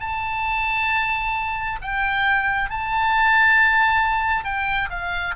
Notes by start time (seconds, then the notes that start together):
0.00 A5
1.82 G5
2.70 A5
4.44 G5
4.90 F5